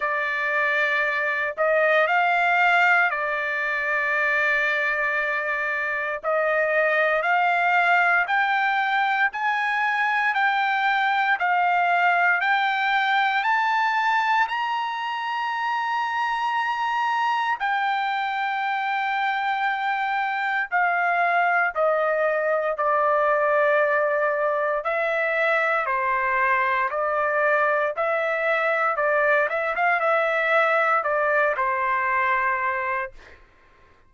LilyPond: \new Staff \with { instrumentName = "trumpet" } { \time 4/4 \tempo 4 = 58 d''4. dis''8 f''4 d''4~ | d''2 dis''4 f''4 | g''4 gis''4 g''4 f''4 | g''4 a''4 ais''2~ |
ais''4 g''2. | f''4 dis''4 d''2 | e''4 c''4 d''4 e''4 | d''8 e''16 f''16 e''4 d''8 c''4. | }